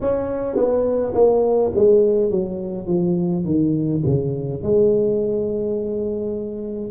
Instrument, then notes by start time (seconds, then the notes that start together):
tuba
0.00 C#4
0.56 B3
1.14 A#3
1.75 G#3
2.30 F#3
2.86 F3
3.45 D#3
4.05 C#3
4.62 G#3